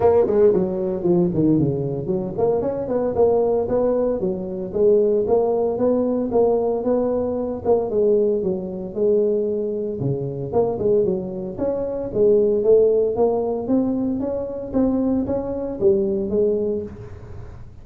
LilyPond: \new Staff \with { instrumentName = "tuba" } { \time 4/4 \tempo 4 = 114 ais8 gis8 fis4 f8 dis8 cis4 | fis8 ais8 cis'8 b8 ais4 b4 | fis4 gis4 ais4 b4 | ais4 b4. ais8 gis4 |
fis4 gis2 cis4 | ais8 gis8 fis4 cis'4 gis4 | a4 ais4 c'4 cis'4 | c'4 cis'4 g4 gis4 | }